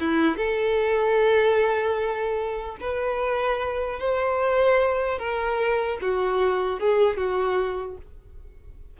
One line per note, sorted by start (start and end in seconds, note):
0.00 0.37 E4
0.37 2.77 A4
2.80 3.99 B4
3.99 5.19 C5
5.19 5.99 A#4
6.01 6.80 F#4
6.80 7.17 G#4
7.17 7.97 F#4